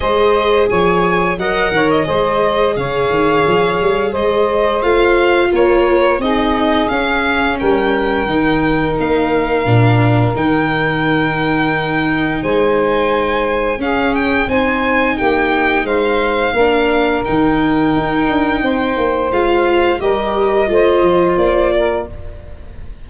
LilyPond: <<
  \new Staff \with { instrumentName = "violin" } { \time 4/4 \tempo 4 = 87 dis''4 gis''4 fis''8. dis''4~ dis''16 | f''2 dis''4 f''4 | cis''4 dis''4 f''4 g''4~ | g''4 f''2 g''4~ |
g''2 gis''2 | f''8 g''8 gis''4 g''4 f''4~ | f''4 g''2. | f''4 dis''2 d''4 | }
  \new Staff \with { instrumentName = "saxophone" } { \time 4/4 c''4 cis''4 dis''8 cis''8 c''4 | cis''2 c''2 | ais'4 gis'2 ais'4~ | ais'1~ |
ais'2 c''2 | gis'4 c''4 g'4 c''4 | ais'2. c''4~ | c''4 ais'4 c''4. ais'8 | }
  \new Staff \with { instrumentName = "viola" } { \time 4/4 gis'2 ais'4 gis'4~ | gis'2. f'4~ | f'4 dis'4 cis'2 | dis'2 d'4 dis'4~ |
dis'1 | cis'4 dis'2. | d'4 dis'2. | f'4 g'4 f'2 | }
  \new Staff \with { instrumentName = "tuba" } { \time 4/4 gis4 f4 fis8 dis8 gis4 | cis8 dis8 f8 g8 gis4 a4 | ais4 c'4 cis'4 g4 | dis4 ais4 ais,4 dis4~ |
dis2 gis2 | cis'4 c'4 ais4 gis4 | ais4 dis4 dis'8 d'8 c'8 ais8 | gis4 g4 a8 f8 ais4 | }
>>